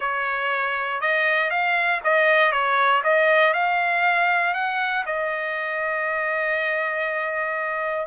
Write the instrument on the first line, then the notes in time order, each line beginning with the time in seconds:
trumpet
0.00 C#5
1.01 D#5
1.50 F5
2.04 D#5
2.51 C#5
3.03 D#5
3.53 F5
4.54 F#5
5.06 D#5